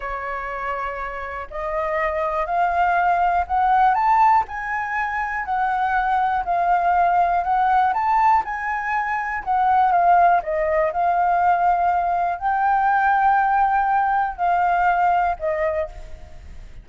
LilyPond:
\new Staff \with { instrumentName = "flute" } { \time 4/4 \tempo 4 = 121 cis''2. dis''4~ | dis''4 f''2 fis''4 | a''4 gis''2 fis''4~ | fis''4 f''2 fis''4 |
a''4 gis''2 fis''4 | f''4 dis''4 f''2~ | f''4 g''2.~ | g''4 f''2 dis''4 | }